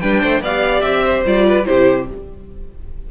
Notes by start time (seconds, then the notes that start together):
0.00 G3 D4 B4 G5
0.21 A3 C5
0.40 B3 G4 D5 F5
0.81 C4 E5
1.05 C5
1.26 G3 F4 D5
1.47 B4
1.65 C3 E4 G4 C5